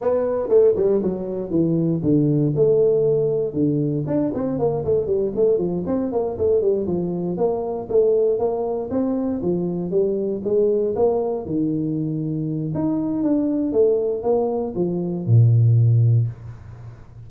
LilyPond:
\new Staff \with { instrumentName = "tuba" } { \time 4/4 \tempo 4 = 118 b4 a8 g8 fis4 e4 | d4 a2 d4 | d'8 c'8 ais8 a8 g8 a8 f8 c'8 | ais8 a8 g8 f4 ais4 a8~ |
a8 ais4 c'4 f4 g8~ | g8 gis4 ais4 dis4.~ | dis4 dis'4 d'4 a4 | ais4 f4 ais,2 | }